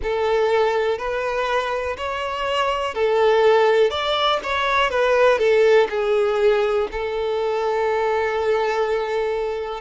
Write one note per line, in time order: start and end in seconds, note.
0.02 0.98 A4
0.98 1.96 B4
1.97 2.94 C#5
2.94 3.90 A4
3.90 4.39 D5
4.43 4.90 C#5
4.90 5.38 B4
5.38 5.87 A4
5.89 6.88 G#4
6.91 9.80 A4